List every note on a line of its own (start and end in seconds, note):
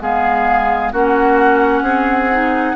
0.00 0.92 G#3
0.00 0.92 B3
0.00 0.92 G#4
0.00 0.92 F5
0.92 1.82 A#3
0.92 2.31 C#4
0.92 1.82 F#4
0.92 2.75 F#5
1.82 2.74 C4
1.82 2.75 G#4
2.31 2.75 D#4